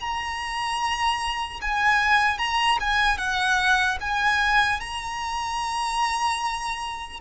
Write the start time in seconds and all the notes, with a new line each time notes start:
0.00 A#5
1.61 G#5
2.38 A#5
2.80 G#5
3.18 F#5
4.00 G#5
4.80 A#5